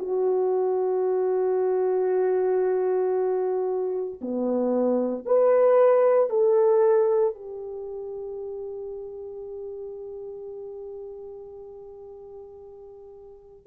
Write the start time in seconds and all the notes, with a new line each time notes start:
0.00 F#4
4.22 B3
5.26 B4
6.30 A4
7.35 G4